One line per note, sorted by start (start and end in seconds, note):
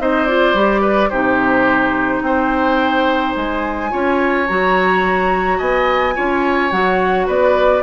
0.00 0.54 C4
0.00 0.28 D#4
0.00 0.82 C5
0.00 0.26 D#5
0.26 0.56 F4
0.26 1.10 D5
0.54 1.10 G3
0.54 1.11 G4
0.82 1.10 B4
1.10 2.21 C3
1.10 3.91 D#4
1.10 2.23 G4
1.10 2.22 C5
2.21 3.34 C4
2.21 3.92 C5
2.21 3.35 G5
3.36 3.92 G#3
3.36 4.48 G#5
3.91 4.49 C#4
3.91 4.47 F4
3.91 5.58 C#5
4.48 5.60 F#3
4.48 6.15 F#4
4.48 5.59 A#5
5.58 6.16 B3
5.58 6.14 D#5
5.58 6.71 G#5
6.15 6.72 C#4
6.15 6.71 F4
6.15 7.27 C#5
6.71 7.28 F#3
6.71 7.83 F#4
6.71 7.27 F#5
7.27 7.83 B3
7.27 7.83 B4
7.27 7.83 D5